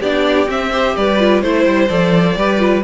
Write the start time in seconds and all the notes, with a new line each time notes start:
0.00 B3 D4 G4 D5
0.47 C4 E5
0.72 G4 C5
0.97 G3 B4 D5
1.19 F4
1.42 A3 E4 C5
1.65 G3
1.89 F3 A4 D5
2.36 G3 G4 B4
2.59 F4